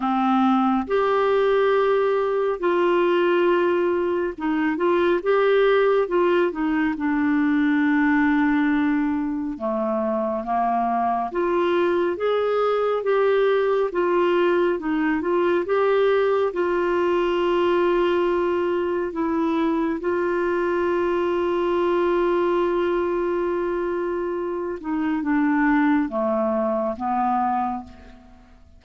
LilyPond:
\new Staff \with { instrumentName = "clarinet" } { \time 4/4 \tempo 4 = 69 c'4 g'2 f'4~ | f'4 dis'8 f'8 g'4 f'8 dis'8 | d'2. a4 | ais4 f'4 gis'4 g'4 |
f'4 dis'8 f'8 g'4 f'4~ | f'2 e'4 f'4~ | f'1~ | f'8 dis'8 d'4 a4 b4 | }